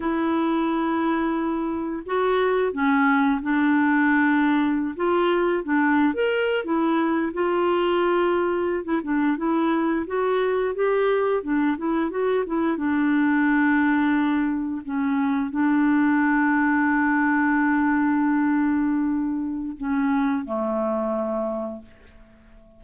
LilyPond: \new Staff \with { instrumentName = "clarinet" } { \time 4/4 \tempo 4 = 88 e'2. fis'4 | cis'4 d'2~ d'16 f'8.~ | f'16 d'8. ais'8. e'4 f'4~ f'16~ | f'4 e'16 d'8 e'4 fis'4 g'16~ |
g'8. d'8 e'8 fis'8 e'8 d'4~ d'16~ | d'4.~ d'16 cis'4 d'4~ d'16~ | d'1~ | d'4 cis'4 a2 | }